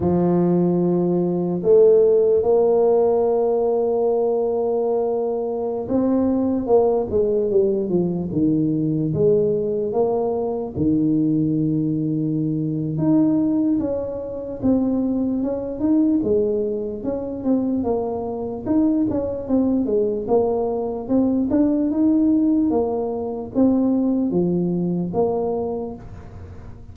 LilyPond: \new Staff \with { instrumentName = "tuba" } { \time 4/4 \tempo 4 = 74 f2 a4 ais4~ | ais2.~ ais16 c'8.~ | c'16 ais8 gis8 g8 f8 dis4 gis8.~ | gis16 ais4 dis2~ dis8. |
dis'4 cis'4 c'4 cis'8 dis'8 | gis4 cis'8 c'8 ais4 dis'8 cis'8 | c'8 gis8 ais4 c'8 d'8 dis'4 | ais4 c'4 f4 ais4 | }